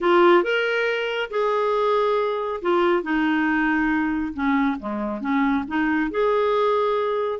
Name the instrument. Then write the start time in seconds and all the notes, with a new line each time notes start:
clarinet
0.00 F4
0.43 A#4
1.30 G#4
2.61 F4
3.02 D#4
4.33 C#4
4.79 G#3
5.21 C#4
5.67 D#4
6.10 G#4